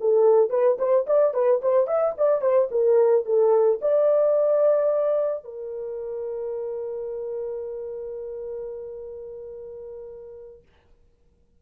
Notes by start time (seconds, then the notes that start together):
0.00 A4
0.50 B4
0.79 C5
1.06 D5
1.34 B4
1.62 C5
1.87 E5
2.17 D5
2.41 C5
2.71 A#4
3.25 A4
3.81 D5
5.44 A#4